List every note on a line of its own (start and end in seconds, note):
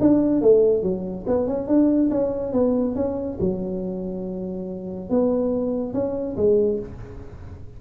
0.00 0.41 D4
0.41 0.82 A3
0.82 1.25 F#3
1.26 1.47 B3
1.47 1.67 C#4
1.67 2.09 D4
2.10 2.52 C#4
2.52 2.95 B3
2.95 3.38 C#4
3.40 5.10 F#3
5.10 5.93 B3
5.93 6.36 C#4
6.36 6.79 G#3